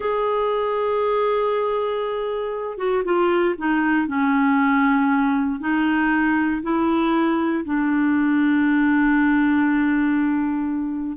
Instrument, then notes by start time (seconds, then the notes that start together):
clarinet
0.00 G#4
2.77 F#4
3.04 F4
3.58 D#4
4.07 C#4
5.60 D#4
6.62 E4
7.64 D4